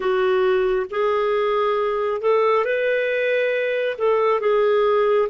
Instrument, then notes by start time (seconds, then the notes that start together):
clarinet
0.00 F#4
0.90 G#4
2.21 A4
2.65 B4
3.98 A4
4.40 G#4